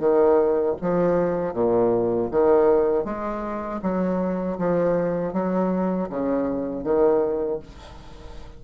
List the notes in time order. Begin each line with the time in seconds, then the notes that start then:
0.00 D#3
0.82 F3
1.54 A#2
2.32 D#3
3.05 G#3
3.83 F#3
4.58 F3
5.33 F#3
6.10 C#3
6.84 D#3